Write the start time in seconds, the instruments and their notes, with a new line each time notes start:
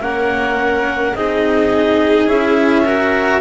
0.00 double bass A#3, cello C#4, violin A#4, clarinet F#5
1.15 double bass C4, cello D#4, violin G#4, clarinet D#5
2.27 double bass C#4, cello E4, clarinet E5
2.85 cello F#4, violin A#4